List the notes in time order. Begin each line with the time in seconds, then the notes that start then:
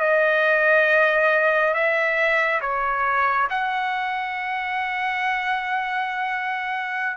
0.00 D#5
1.74 E5
2.61 C#5
3.50 F#5